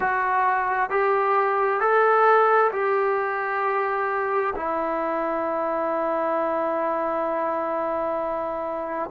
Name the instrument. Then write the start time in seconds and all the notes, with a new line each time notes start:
trombone
0.00 F#4
0.90 G4
1.80 A4
2.72 G4
4.55 E4